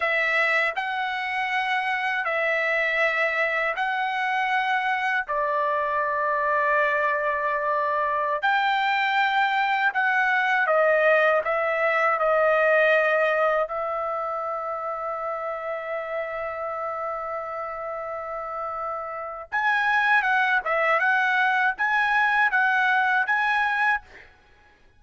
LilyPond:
\new Staff \with { instrumentName = "trumpet" } { \time 4/4 \tempo 4 = 80 e''4 fis''2 e''4~ | e''4 fis''2 d''4~ | d''2.~ d''16 g''8.~ | g''4~ g''16 fis''4 dis''4 e''8.~ |
e''16 dis''2 e''4.~ e''16~ | e''1~ | e''2 gis''4 fis''8 e''8 | fis''4 gis''4 fis''4 gis''4 | }